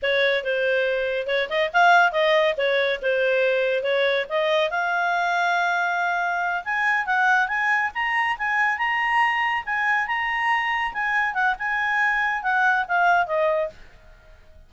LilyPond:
\new Staff \with { instrumentName = "clarinet" } { \time 4/4 \tempo 4 = 140 cis''4 c''2 cis''8 dis''8 | f''4 dis''4 cis''4 c''4~ | c''4 cis''4 dis''4 f''4~ | f''2.~ f''8 gis''8~ |
gis''8 fis''4 gis''4 ais''4 gis''8~ | gis''8 ais''2 gis''4 ais''8~ | ais''4. gis''4 fis''8 gis''4~ | gis''4 fis''4 f''4 dis''4 | }